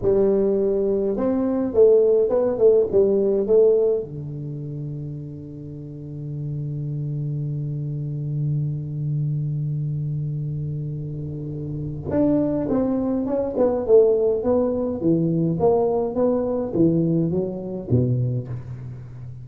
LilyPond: \new Staff \with { instrumentName = "tuba" } { \time 4/4 \tempo 4 = 104 g2 c'4 a4 | b8 a8 g4 a4 d4~ | d1~ | d1~ |
d1~ | d4 d'4 c'4 cis'8 b8 | a4 b4 e4 ais4 | b4 e4 fis4 b,4 | }